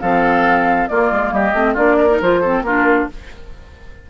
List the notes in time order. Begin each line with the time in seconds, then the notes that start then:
0.00 F3 C4 A4 F5
0.87 A#3 F4 D5
1.11 G#3
1.32 G3 G4 D#5
1.53 A3 C4
1.73 A#3 D4 F4 D5
1.98 A#4
2.10 D#4
2.20 F3 F4 C5
2.41 C4 A4
2.62 A#3 D4 F4 A#4